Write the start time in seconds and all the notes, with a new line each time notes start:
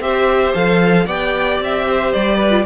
0.00 C4 G4 C5 E5
0.54 F3 A4 F5
1.06 B3 G4 D5 G5
1.60 C4 E5
1.87 C5
2.13 G3 D5
2.36 B4
2.50 F4